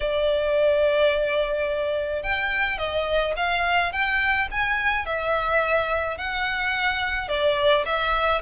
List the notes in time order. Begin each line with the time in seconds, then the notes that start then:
0.00 D5
2.22 G5
2.78 D#5
3.36 F5
3.92 G5
4.51 G#5
5.05 E5
6.17 F#5
7.28 D5
7.85 E5